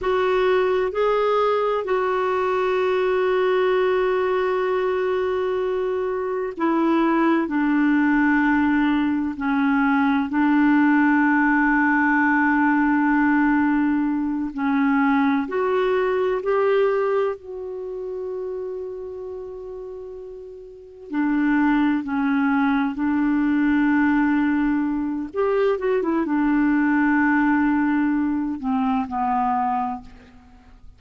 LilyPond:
\new Staff \with { instrumentName = "clarinet" } { \time 4/4 \tempo 4 = 64 fis'4 gis'4 fis'2~ | fis'2. e'4 | d'2 cis'4 d'4~ | d'2.~ d'8 cis'8~ |
cis'8 fis'4 g'4 fis'4.~ | fis'2~ fis'8 d'4 cis'8~ | cis'8 d'2~ d'8 g'8 fis'16 e'16 | d'2~ d'8 c'8 b4 | }